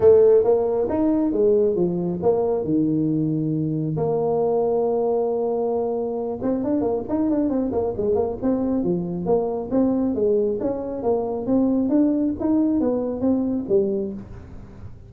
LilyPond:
\new Staff \with { instrumentName = "tuba" } { \time 4/4 \tempo 4 = 136 a4 ais4 dis'4 gis4 | f4 ais4 dis2~ | dis4 ais2.~ | ais2~ ais8 c'8 d'8 ais8 |
dis'8 d'8 c'8 ais8 gis8 ais8 c'4 | f4 ais4 c'4 gis4 | cis'4 ais4 c'4 d'4 | dis'4 b4 c'4 g4 | }